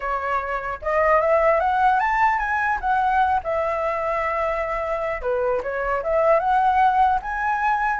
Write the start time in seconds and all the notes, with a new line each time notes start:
0.00 C#5
0.82 D#5
1.20 E5
1.60 F#5
1.99 A5
2.39 G#5
2.81 F#5
3.43 E5
5.21 B4
5.62 C#5
6.03 E5
6.39 F#5
7.21 G#5